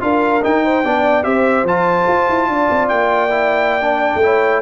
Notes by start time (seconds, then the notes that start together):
0.00 D4 F4 A#4 F5
0.43 D#4 G5
0.65 C5
0.84 B3 D4 D5
1.23 C4 G4 C5 E5
1.64 F3 F4 A5
2.08 F4
2.29 E4
2.48 D4 D5
2.71 C4
2.89 A#3 G5
3.30 E4
3.81 D4
4.15 A3
4.22 E4 C#5